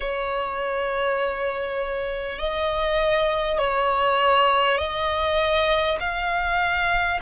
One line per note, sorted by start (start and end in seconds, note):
0.00 2.38 C#5
2.38 3.58 D#5
3.58 4.78 C#5
4.78 5.98 D#5
5.99 7.19 F5